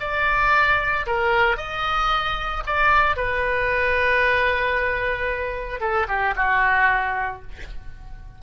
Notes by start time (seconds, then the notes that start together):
0.00 D5
1.07 A#4
1.57 D#5
2.66 D5
3.17 B4
5.80 A4
6.08 G4
6.36 F#4